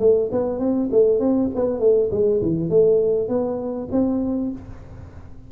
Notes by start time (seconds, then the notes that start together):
0.00 A3
0.32 B3
0.59 C4
0.92 A3
1.20 C4
1.56 B3
1.80 A3
2.12 G#3
2.42 E3
2.70 A3
3.29 B3
3.92 C4